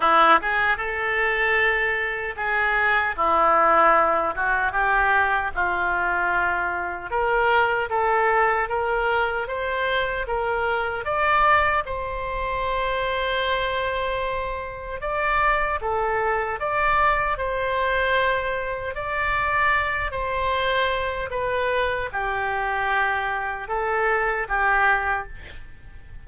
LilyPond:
\new Staff \with { instrumentName = "oboe" } { \time 4/4 \tempo 4 = 76 e'8 gis'8 a'2 gis'4 | e'4. fis'8 g'4 f'4~ | f'4 ais'4 a'4 ais'4 | c''4 ais'4 d''4 c''4~ |
c''2. d''4 | a'4 d''4 c''2 | d''4. c''4. b'4 | g'2 a'4 g'4 | }